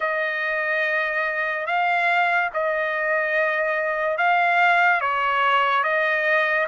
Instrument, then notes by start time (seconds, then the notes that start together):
trumpet
0.00 D#5
1.66 F5
2.53 D#5
4.17 F5
5.00 C#5
5.83 D#5